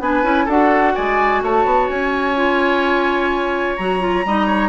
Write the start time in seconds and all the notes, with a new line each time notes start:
0.00 B3 D4 B4 G#5
0.23 C#4 E4
0.45 D4 F#4 A4 F#5
0.95 G#3 D5 G#5
1.42 A3 C#5 A5
1.65 B3
1.89 C#4 G#5
2.36 F4
3.76 F#3 F#4 A#5
4.00 F4
4.25 G3 D#4 D#5
4.47 C#5